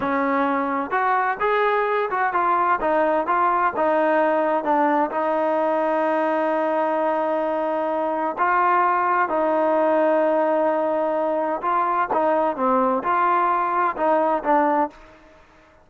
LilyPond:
\new Staff \with { instrumentName = "trombone" } { \time 4/4 \tempo 4 = 129 cis'2 fis'4 gis'4~ | gis'8 fis'8 f'4 dis'4 f'4 | dis'2 d'4 dis'4~ | dis'1~ |
dis'2 f'2 | dis'1~ | dis'4 f'4 dis'4 c'4 | f'2 dis'4 d'4 | }